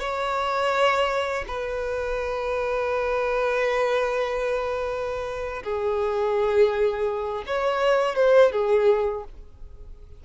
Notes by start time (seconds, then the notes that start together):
0.00 C#5
1.47 B4
5.63 G#4
7.47 C#5
8.16 C5
8.52 G#4